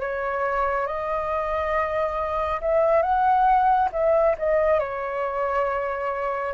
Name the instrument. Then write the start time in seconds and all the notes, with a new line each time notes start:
flute
0.00 C#5
0.87 D#5
2.61 E5
3.02 F#5
3.92 E5
4.38 D#5
4.79 C#5